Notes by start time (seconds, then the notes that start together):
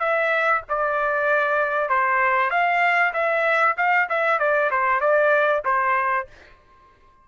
0.00 E5
0.69 D5
1.89 C5
2.51 F5
3.14 E5
3.78 F5
4.09 E5
4.39 D5
4.71 C5
5.01 D5
5.65 C5